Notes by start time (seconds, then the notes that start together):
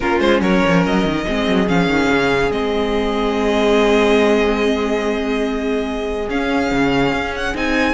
0.00 A#3 C#4 F4 A#4
0.19 G#3 C5
0.40 F#3 A#4 C#5
0.66 F3
0.85 F#3 D#5
1.04 D#3
1.27 G#3 C4 G#4
1.47 F#3
1.68 F3 C#4 F5
1.86 D#3
2.10 C#3
2.50 G#3 C4 D#5
6.29 C#4 F5
6.71 C#3
7.12 C#4
7.35 F#5
7.54 C4 D#4 G#5